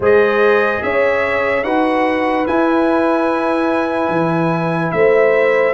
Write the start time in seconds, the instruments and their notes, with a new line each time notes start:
0.00 tuba G#3, trombone G#4, horn C5, trumpet D#5
0.82 tuba C#4, horn C#5, trumpet E5
1.63 tuba D#4, trombone F#4, horn B4, trumpet F#5
2.46 trombone E4, tuba E4, trumpet G#5
4.09 tuba E3
4.91 tuba A3, horn C5, trumpet E5